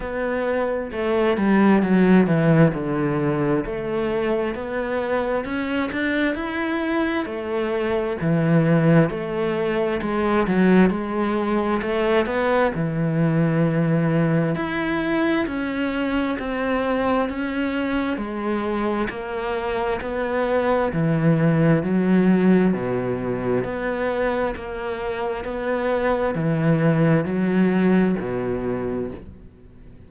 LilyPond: \new Staff \with { instrumentName = "cello" } { \time 4/4 \tempo 4 = 66 b4 a8 g8 fis8 e8 d4 | a4 b4 cis'8 d'8 e'4 | a4 e4 a4 gis8 fis8 | gis4 a8 b8 e2 |
e'4 cis'4 c'4 cis'4 | gis4 ais4 b4 e4 | fis4 b,4 b4 ais4 | b4 e4 fis4 b,4 | }